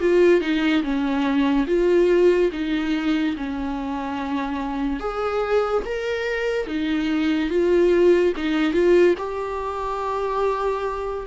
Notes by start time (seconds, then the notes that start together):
0.00 F4
0.41 D#4
0.83 C#4
1.67 F4
2.52 D#4
3.37 C#4
5.00 G#4
5.85 A#4
6.67 D#4
7.50 F4
8.37 D#4
8.73 F4
9.18 G4